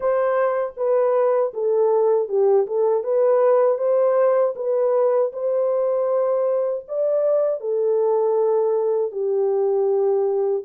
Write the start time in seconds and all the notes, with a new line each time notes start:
0.00 C5
0.76 B4
1.53 A4
2.28 G4
2.66 A4
3.03 B4
3.78 C5
4.55 B4
5.32 C5
6.88 D5
7.60 A4
9.11 G4